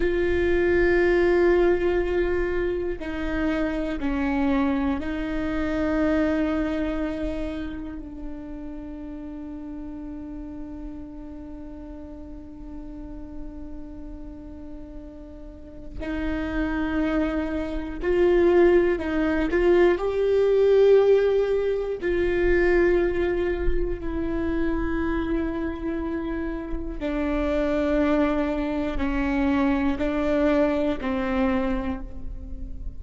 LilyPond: \new Staff \with { instrumentName = "viola" } { \time 4/4 \tempo 4 = 60 f'2. dis'4 | cis'4 dis'2. | d'1~ | d'1 |
dis'2 f'4 dis'8 f'8 | g'2 f'2 | e'2. d'4~ | d'4 cis'4 d'4 c'4 | }